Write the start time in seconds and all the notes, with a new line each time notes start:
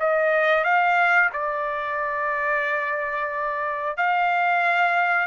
0.00 D#5
0.64 F5
1.33 D5
3.97 F5